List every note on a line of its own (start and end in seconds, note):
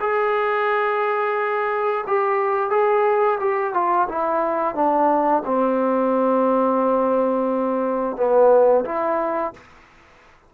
0.00 2.05 G#4
2.07 2.70 G4
2.70 3.38 G#4
3.40 3.73 G4
3.73 4.08 F4
4.08 4.75 E4
4.75 5.43 D4
5.45 8.16 C4
8.16 8.85 B3
8.85 9.53 E4